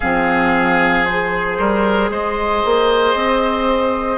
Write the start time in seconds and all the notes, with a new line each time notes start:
0.00 F3 C4 G#4 F5
1.05 G#4 C5
1.58 G3 A#4
2.10 G#3 C5 D#5
2.64 A#3
3.14 C4